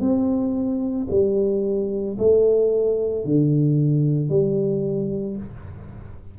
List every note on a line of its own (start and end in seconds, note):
0.00 1.07 C4
1.10 2.17 G3
2.18 3.24 A3
3.24 4.29 D3
4.29 5.36 G3